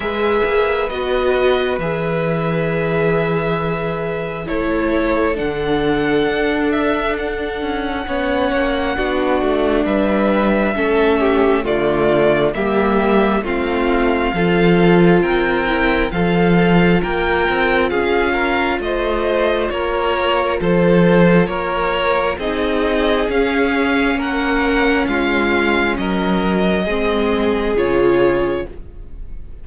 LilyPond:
<<
  \new Staff \with { instrumentName = "violin" } { \time 4/4 \tempo 4 = 67 e''4 dis''4 e''2~ | e''4 cis''4 fis''4. e''8 | fis''2. e''4~ | e''4 d''4 e''4 f''4~ |
f''4 g''4 f''4 g''4 | f''4 dis''4 cis''4 c''4 | cis''4 dis''4 f''4 fis''4 | f''4 dis''2 cis''4 | }
  \new Staff \with { instrumentName = "violin" } { \time 4/4 b'1~ | b'4 a'2.~ | a'4 cis''4 fis'4 b'4 | a'8 g'8 f'4 g'4 f'4 |
a'4 ais'4 a'4 ais'4 | gis'8 ais'8 c''4 ais'4 a'4 | ais'4 gis'2 ais'4 | f'4 ais'4 gis'2 | }
  \new Staff \with { instrumentName = "viola" } { \time 4/4 gis'4 fis'4 gis'2~ | gis'4 e'4 d'2~ | d'4 cis'4 d'2 | cis'4 a4 ais4 c'4 |
f'4. e'8 f'2~ | f'1~ | f'4 dis'4 cis'2~ | cis'2 c'4 f'4 | }
  \new Staff \with { instrumentName = "cello" } { \time 4/4 gis8 ais8 b4 e2~ | e4 a4 d4 d'4~ | d'8 cis'8 b8 ais8 b8 a8 g4 | a4 d4 g4 a4 |
f4 c'4 f4 ais8 c'8 | cis'4 a4 ais4 f4 | ais4 c'4 cis'4 ais4 | gis4 fis4 gis4 cis4 | }
>>